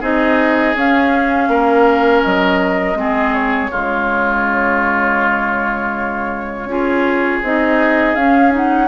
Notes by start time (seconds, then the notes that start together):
0.00 C4 D#4 G#4 D#5
0.74 C#4 F5
1.48 A#3 A#4
2.23 F#3 D#5
2.95 G#3 C4 G#4
3.34 C#5
3.71 C#3 G#3 F4
6.64 C#4 F4 G#4
7.42 C4 D#4 D#5
8.15 C#4 F5
8.51 D#4 F#5